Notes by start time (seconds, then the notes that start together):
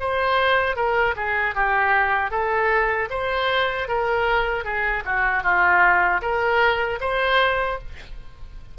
0.00 C5
0.76 A#4
1.16 G#4
1.55 G4
2.31 A4
3.10 C5
3.88 A#4
4.65 G#4
5.05 F#4
5.43 F4
6.22 A#4
7.01 C5